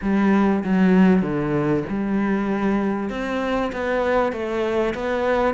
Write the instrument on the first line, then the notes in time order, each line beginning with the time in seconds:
cello
0.01 G3
0.64 F#3
1.22 D3
1.89 G3
3.09 C4
3.72 B3
4.32 A3
4.94 B3